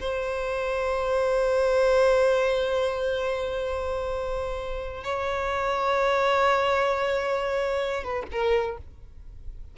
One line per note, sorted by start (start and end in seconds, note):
0.00 5.04 C5
5.04 8.03 C#5
8.03 8.27 B4
8.31 8.78 A#4